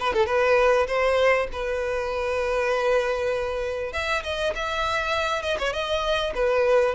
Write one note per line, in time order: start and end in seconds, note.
0.00 0.13 B4
0.13 0.26 A4
0.26 0.87 B4
0.87 1.48 C5
1.53 3.93 B4
3.93 4.23 E5
4.23 4.53 D#5
4.55 5.42 E5
5.42 5.57 D#5
5.59 5.73 C#5
5.73 6.33 D#5
6.35 6.95 B4